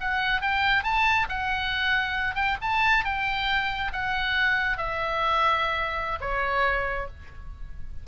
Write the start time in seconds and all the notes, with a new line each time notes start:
0.00 F#5
0.41 G5
0.83 A5
1.29 F#5
2.35 G5
2.61 A5
3.05 G5
3.92 F#5
4.77 E5
6.20 C#5